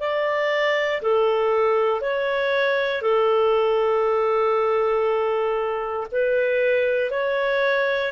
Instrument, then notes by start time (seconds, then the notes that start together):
clarinet
0.00 D5
1.02 A4
2.01 C#5
3.02 A4
6.11 B4
7.10 C#5